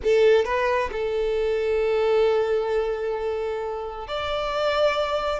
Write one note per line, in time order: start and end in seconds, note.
0.03 0.44 A4
0.44 0.90 B4
0.91 4.07 A4
4.07 5.39 D5